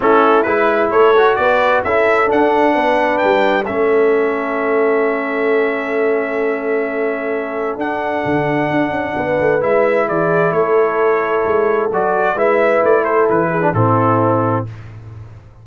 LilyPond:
<<
  \new Staff \with { instrumentName = "trumpet" } { \time 4/4 \tempo 4 = 131 a'4 b'4 cis''4 d''4 | e''4 fis''2 g''4 | e''1~ | e''1~ |
e''4 fis''2.~ | fis''4 e''4 d''4 cis''4~ | cis''2 d''4 e''4 | d''8 c''8 b'4 a'2 | }
  \new Staff \with { instrumentName = "horn" } { \time 4/4 e'2 a'4 b'4 | a'2 b'2 | a'1~ | a'1~ |
a'1 | b'2 gis'4 a'4~ | a'2. b'4~ | b'8 a'4 gis'8 e'2 | }
  \new Staff \with { instrumentName = "trombone" } { \time 4/4 cis'4 e'4. fis'4. | e'4 d'2. | cis'1~ | cis'1~ |
cis'4 d'2.~ | d'4 e'2.~ | e'2 fis'4 e'4~ | e'4.~ e'16 d'16 c'2 | }
  \new Staff \with { instrumentName = "tuba" } { \time 4/4 a4 gis4 a4 b4 | cis'4 d'4 b4 g4 | a1~ | a1~ |
a4 d'4 d4 d'8 cis'8 | b8 a8 gis4 e4 a4~ | a4 gis4 fis4 gis4 | a4 e4 a,2 | }
>>